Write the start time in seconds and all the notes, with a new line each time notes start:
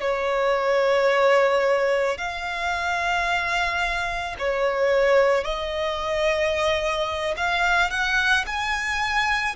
0.00 C#5
2.18 F5
4.39 C#5
5.44 D#5
7.37 F5
7.90 F#5
8.46 G#5